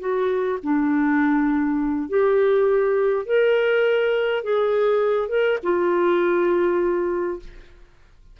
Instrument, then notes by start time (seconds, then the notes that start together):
clarinet
0.00 F#4
0.63 D4
2.09 G4
3.26 A#4
4.44 G#4
5.29 A#4
5.63 F4